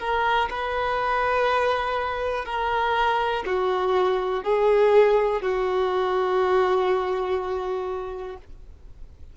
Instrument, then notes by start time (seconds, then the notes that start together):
violin
0.00 A#4
0.50 B4
2.45 A#4
3.46 F#4
4.44 G#4
5.42 F#4